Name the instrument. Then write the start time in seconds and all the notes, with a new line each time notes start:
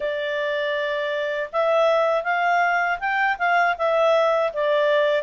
clarinet
0.00 D5
1.52 E5
2.23 F5
2.99 G5
3.38 F5
3.77 E5
4.53 D5